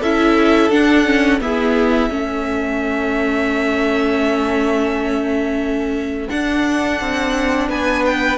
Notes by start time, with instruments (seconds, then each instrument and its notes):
0.00 cello C#4, viola E4, violin A4 E5
0.69 cello D4, viola D4, violin F#5
1.05 viola C#4
1.41 viola B3, cello E4, violin G#4 E5
2.09 cello A3, viola C#4, violin A4
6.29 viola D4, cello D4, violin F#5
7.00 cello C4
7.69 cello B3, violin B4 G#5
8.05 violin G5